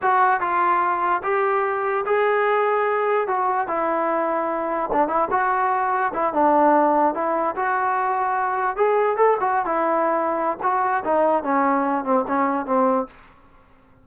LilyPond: \new Staff \with { instrumentName = "trombone" } { \time 4/4 \tempo 4 = 147 fis'4 f'2 g'4~ | g'4 gis'2. | fis'4 e'2. | d'8 e'8 fis'2 e'8 d'8~ |
d'4. e'4 fis'4.~ | fis'4. gis'4 a'8 fis'8. e'16~ | e'2 fis'4 dis'4 | cis'4. c'8 cis'4 c'4 | }